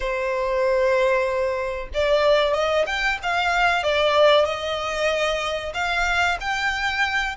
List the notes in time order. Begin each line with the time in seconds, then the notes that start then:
0.00 C5
1.94 D5
2.53 D#5
2.86 G5
3.22 F5
3.83 D5
4.45 D#5
5.73 F5
6.40 G5